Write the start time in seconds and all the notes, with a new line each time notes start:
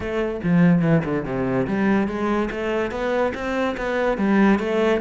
0.00 A3
0.43 F3
0.82 E3
1.04 D3
1.25 C3
1.67 G3
2.07 G#3
2.51 A3
2.91 B3
3.34 C4
3.77 B3
4.17 G3
4.59 A3